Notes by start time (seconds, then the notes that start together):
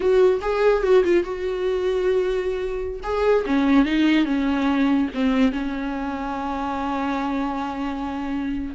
0.00 F#4
0.41 G#4
0.82 F#4
1.03 F4
1.23 F#4
3.03 G#4
3.46 C#4
3.85 D#4
4.25 C#4
5.14 C4
5.52 C#4